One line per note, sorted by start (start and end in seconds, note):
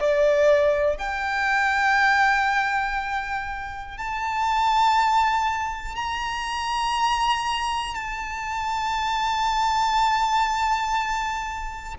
0.00 0.97 D5
0.97 3.97 G5
3.98 5.95 A5
5.95 7.95 A#5
7.95 11.95 A5